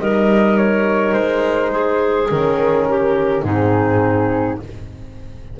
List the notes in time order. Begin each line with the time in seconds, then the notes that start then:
0.00 G3 D#4 A#4 D#5
0.58 C#5
1.13 G#3 C5
1.72 G#4
2.30 D#3 C#4 A#4
2.89 G4
3.43 G#2 C4 D#4 G#4